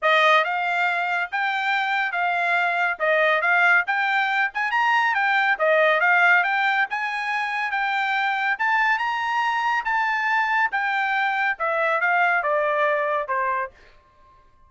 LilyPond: \new Staff \with { instrumentName = "trumpet" } { \time 4/4 \tempo 4 = 140 dis''4 f''2 g''4~ | g''4 f''2 dis''4 | f''4 g''4. gis''8 ais''4 | g''4 dis''4 f''4 g''4 |
gis''2 g''2 | a''4 ais''2 a''4~ | a''4 g''2 e''4 | f''4 d''2 c''4 | }